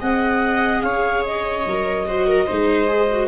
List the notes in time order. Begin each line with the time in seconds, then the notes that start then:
0.00 C4 G#4 D#5 F#5
0.82 C#4 C#5 F5
1.26 D#5
1.66 F#3 A#4
2.06 F#4 C5
2.27 A#4
2.46 G#3 D#4 C5
2.88 G#4
3.11 F#4